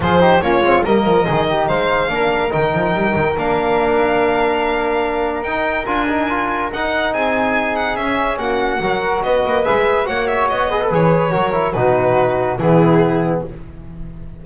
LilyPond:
<<
  \new Staff \with { instrumentName = "violin" } { \time 4/4 \tempo 4 = 143 c''4 cis''4 dis''2 | f''2 g''2 | f''1~ | f''4 g''4 gis''2 |
fis''4 gis''4. fis''8 e''4 | fis''2 dis''4 e''4 | fis''8 e''8 dis''4 cis''2 | b'2 gis'2 | }
  \new Staff \with { instrumentName = "flute" } { \time 4/4 gis'8 g'8 f'4 ais'4 gis'8 g'8 | c''4 ais'2.~ | ais'1~ | ais'1~ |
ais'4 gis'2. | fis'4 ais'4 b'2 | cis''4. b'4. ais'4 | fis'2 e'2 | }
  \new Staff \with { instrumentName = "trombone" } { \time 4/4 f'8 dis'8 cis'8 c'8 ais4 dis'4~ | dis'4 d'4 dis'2 | d'1~ | d'4 dis'4 f'8 dis'8 f'4 |
dis'2. cis'4~ | cis'4 fis'2 gis'4 | fis'4. gis'16 a'16 gis'4 fis'8 e'8 | dis'2 b2 | }
  \new Staff \with { instrumentName = "double bass" } { \time 4/4 f4 ais8 gis8 g8 f8 dis4 | gis4 ais4 dis8 f8 g8 dis8 | ais1~ | ais4 dis'4 d'2 |
dis'4 c'2 cis'4 | ais4 fis4 b8 ais8 gis4 | ais4 b4 e4 fis4 | b,2 e2 | }
>>